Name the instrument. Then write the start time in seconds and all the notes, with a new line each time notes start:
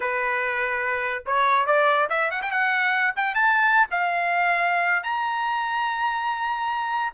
trumpet
0.00 B4
1.25 C#5
1.66 D5
2.09 E5
2.31 F#5
2.42 G5
2.51 F#5
3.16 G5
3.34 A5
3.91 F5
5.03 A#5